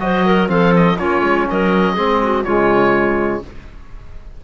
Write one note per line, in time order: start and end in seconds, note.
0.00 0.49 F#3
0.00 0.48 F#4
0.00 0.26 C5
0.00 0.49 D#5
0.26 0.51 A#4
0.48 0.98 F3
0.48 0.97 C4
0.48 0.99 A4
0.48 0.74 F5
0.77 0.99 D#5
0.99 1.22 A#3
0.99 1.97 C#4
0.99 1.47 F4
0.99 1.48 C#5
1.22 1.46 G#3
1.50 1.97 F#3
1.50 1.94 A#4
1.50 2.44 D#5
1.94 2.46 G#3
1.94 2.46 C4
1.94 2.18 G#4
2.23 2.45 F#4
2.44 3.45 C#3
2.44 3.44 G#3
2.44 3.42 F4
2.44 3.42 C#5